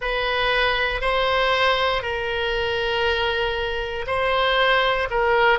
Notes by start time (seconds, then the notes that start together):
0.01 B4
1.01 C5
2.02 A#4
4.06 C5
5.10 A#4